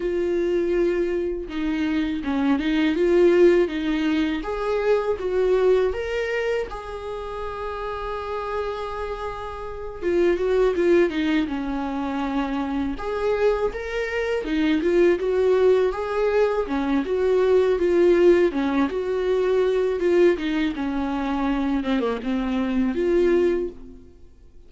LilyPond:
\new Staff \with { instrumentName = "viola" } { \time 4/4 \tempo 4 = 81 f'2 dis'4 cis'8 dis'8 | f'4 dis'4 gis'4 fis'4 | ais'4 gis'2.~ | gis'4. f'8 fis'8 f'8 dis'8 cis'8~ |
cis'4. gis'4 ais'4 dis'8 | f'8 fis'4 gis'4 cis'8 fis'4 | f'4 cis'8 fis'4. f'8 dis'8 | cis'4. c'16 ais16 c'4 f'4 | }